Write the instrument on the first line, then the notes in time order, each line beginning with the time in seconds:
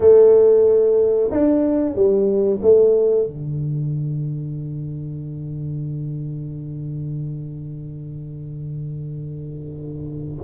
tuba
0.00 A3
1.31 D4
1.95 G3
2.61 A3
3.26 D3